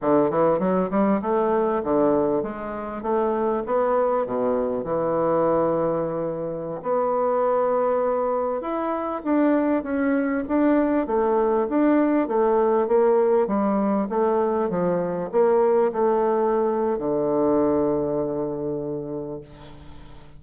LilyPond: \new Staff \with { instrumentName = "bassoon" } { \time 4/4 \tempo 4 = 99 d8 e8 fis8 g8 a4 d4 | gis4 a4 b4 b,4 | e2.~ e16 b8.~ | b2~ b16 e'4 d'8.~ |
d'16 cis'4 d'4 a4 d'8.~ | d'16 a4 ais4 g4 a8.~ | a16 f4 ais4 a4.~ a16 | d1 | }